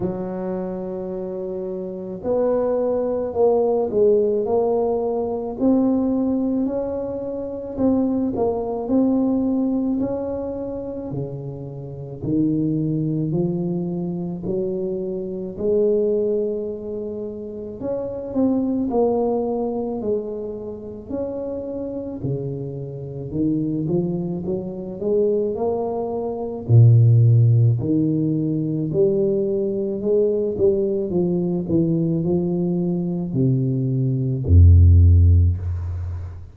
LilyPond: \new Staff \with { instrumentName = "tuba" } { \time 4/4 \tempo 4 = 54 fis2 b4 ais8 gis8 | ais4 c'4 cis'4 c'8 ais8 | c'4 cis'4 cis4 dis4 | f4 fis4 gis2 |
cis'8 c'8 ais4 gis4 cis'4 | cis4 dis8 f8 fis8 gis8 ais4 | ais,4 dis4 g4 gis8 g8 | f8 e8 f4 c4 f,4 | }